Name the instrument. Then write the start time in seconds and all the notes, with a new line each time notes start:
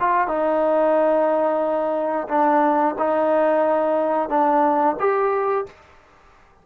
trombone
0.00 F4
0.27 D#4
2.28 D4
2.98 D#4
4.29 D4
4.99 G4